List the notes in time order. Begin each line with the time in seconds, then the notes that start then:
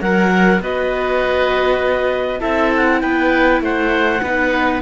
0.00 F#3 A#4 F#5
0.60 B3 F#4 B4 D#5
2.40 C4 E4 A4 E5
2.76 F#5
3.00 B3 B4 G5
3.61 A3 C5 F#5
4.22 B3 D#4 B4